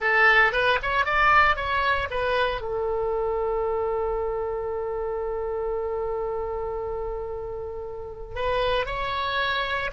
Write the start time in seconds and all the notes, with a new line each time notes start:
0.00 A4
0.52 B4
0.82 C#5
1.05 D5
1.56 C#5
2.10 B4
2.61 A4
8.35 B4
8.86 C#5